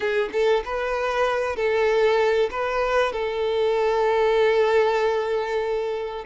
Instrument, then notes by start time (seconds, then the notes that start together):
violin
0.00 G#4
0.32 A4
0.64 B4
1.56 A4
2.50 B4
3.12 A4